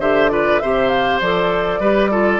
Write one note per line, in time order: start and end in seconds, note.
0.00 0.61 D3
0.00 0.30 G4
0.00 0.31 C5
0.00 0.29 E5
0.29 0.61 F4
0.29 0.62 B4
0.29 0.59 D5
0.60 1.21 C3
0.60 1.23 G4
0.60 1.80 C5
0.60 0.90 E5
0.90 1.20 F5
1.21 1.80 F3
1.21 1.82 A4
1.21 2.40 D5
1.80 2.40 G3
1.80 2.12 G4
1.80 2.11 B4
2.11 2.40 F4
2.11 2.40 A4